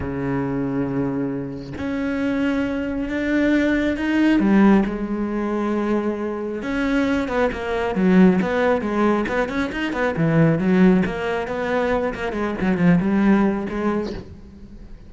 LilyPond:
\new Staff \with { instrumentName = "cello" } { \time 4/4 \tempo 4 = 136 cis1 | cis'2. d'4~ | d'4 dis'4 g4 gis4~ | gis2. cis'4~ |
cis'8 b8 ais4 fis4 b4 | gis4 b8 cis'8 dis'8 b8 e4 | fis4 ais4 b4. ais8 | gis8 fis8 f8 g4. gis4 | }